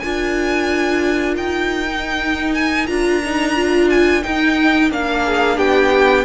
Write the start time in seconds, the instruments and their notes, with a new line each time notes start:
0.00 cello D4, viola F4, violin A#4 G#5
1.37 cello D#4, violin G5
1.89 viola D#4
2.54 violin G#5
2.87 cello D4, viola F4, violin A#5
3.25 viola D#4
3.56 viola F4
3.91 violin G#5
4.23 viola D#4, cello D#4, violin G5
4.91 cello A#3, viola D4, violin F5
5.25 violin G#4
5.58 cello B3, violin G4 G5